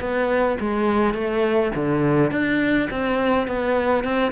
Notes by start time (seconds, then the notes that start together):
0.00 B3
0.60 G#3
1.14 A3
1.75 D3
2.32 D4
2.91 C4
3.47 B3
4.04 C4